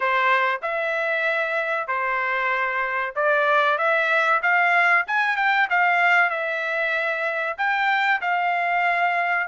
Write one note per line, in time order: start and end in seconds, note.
0.00 0.61 C5
0.62 1.87 E5
1.87 3.13 C5
3.15 3.78 D5
3.78 4.41 E5
4.42 5.05 F5
5.07 5.36 G#5
5.36 5.68 G5
5.70 6.30 F5
6.30 7.56 E5
7.57 8.20 G5
8.21 9.47 F5